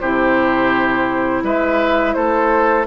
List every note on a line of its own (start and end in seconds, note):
0.00 1.43 C3
0.00 2.87 E4
0.00 1.44 G4
0.00 1.43 C5
1.43 2.15 G#3
1.43 2.15 B4
1.43 2.14 E5
2.14 2.87 A3
2.14 2.87 A4
2.14 2.85 C5